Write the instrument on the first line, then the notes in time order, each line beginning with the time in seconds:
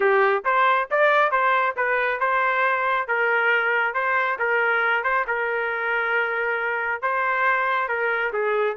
trumpet
0.00 G4
0.45 C5
0.90 D5
1.31 C5
1.76 B4
2.20 C5
3.07 A#4
3.94 C5
4.39 A#4
5.03 C5
5.27 A#4
7.02 C5
7.88 A#4
8.33 G#4